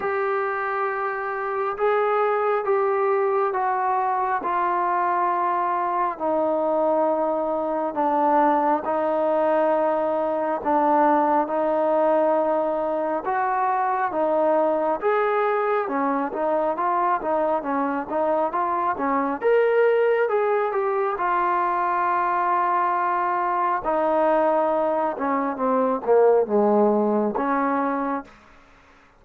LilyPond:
\new Staff \with { instrumentName = "trombone" } { \time 4/4 \tempo 4 = 68 g'2 gis'4 g'4 | fis'4 f'2 dis'4~ | dis'4 d'4 dis'2 | d'4 dis'2 fis'4 |
dis'4 gis'4 cis'8 dis'8 f'8 dis'8 | cis'8 dis'8 f'8 cis'8 ais'4 gis'8 g'8 | f'2. dis'4~ | dis'8 cis'8 c'8 ais8 gis4 cis'4 | }